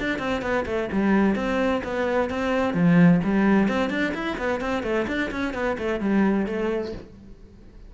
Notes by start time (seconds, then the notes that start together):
0.00 D4
0.19 C4
0.42 B3
0.66 A3
0.92 G3
1.35 C4
1.84 B3
2.30 C4
2.74 F3
3.24 G3
3.68 C4
3.90 D4
4.14 E4
4.38 B3
4.60 C4
4.83 A3
5.08 D4
5.31 C#4
5.54 B3
5.78 A3
6.00 G3
6.46 A3